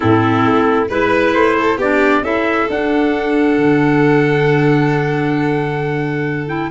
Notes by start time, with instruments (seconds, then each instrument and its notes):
0.00 tuba A2, clarinet C4, violin E4, trumpet A4
0.45 tuba A3
0.88 tuba G#3, clarinet E4, violin B4, trumpet B4
1.33 tuba A3, trumpet C5
1.56 violin A4
1.77 tuba B3, clarinet D4, violin G4, trumpet D5
2.22 tuba C#4, clarinet E4, violin A4, trumpet E5
2.69 tuba D4, clarinet D4, trumpet F#5
3.57 tuba D3
6.47 clarinet E4, trumpet G5